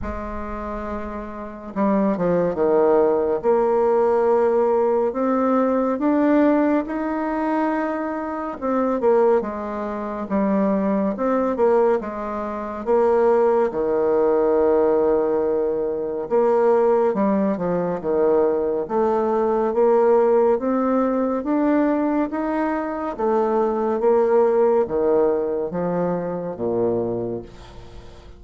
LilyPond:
\new Staff \with { instrumentName = "bassoon" } { \time 4/4 \tempo 4 = 70 gis2 g8 f8 dis4 | ais2 c'4 d'4 | dis'2 c'8 ais8 gis4 | g4 c'8 ais8 gis4 ais4 |
dis2. ais4 | g8 f8 dis4 a4 ais4 | c'4 d'4 dis'4 a4 | ais4 dis4 f4 ais,4 | }